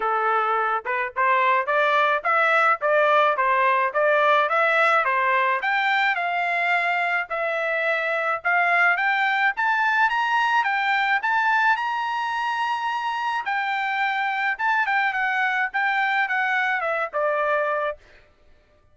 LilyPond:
\new Staff \with { instrumentName = "trumpet" } { \time 4/4 \tempo 4 = 107 a'4. b'8 c''4 d''4 | e''4 d''4 c''4 d''4 | e''4 c''4 g''4 f''4~ | f''4 e''2 f''4 |
g''4 a''4 ais''4 g''4 | a''4 ais''2. | g''2 a''8 g''8 fis''4 | g''4 fis''4 e''8 d''4. | }